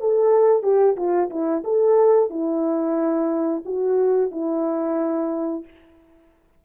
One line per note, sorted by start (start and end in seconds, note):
0.00 0.63 A4
0.63 0.96 G4
0.96 1.29 F4
1.30 1.63 E4
1.64 2.30 A4
2.30 3.63 E4
3.65 4.31 F#4
4.31 5.65 E4